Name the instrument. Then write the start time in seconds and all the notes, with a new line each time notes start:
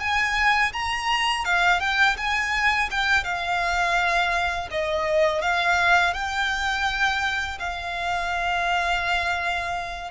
violin
0.00 G#5
0.73 A#5
1.45 F5
1.80 G5
2.18 G#5
2.91 G5
3.24 F5
4.71 D#5
5.42 F5
6.14 G5
7.59 F5